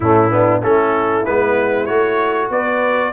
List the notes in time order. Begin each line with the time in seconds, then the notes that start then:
0.00 A2 A3 C#4 E4
0.30 B3 D4
0.62 A3 C#4 E4 A4
1.25 G#3 B3 B4
1.86 A3 F#4 C#5
2.50 B3 B4 D5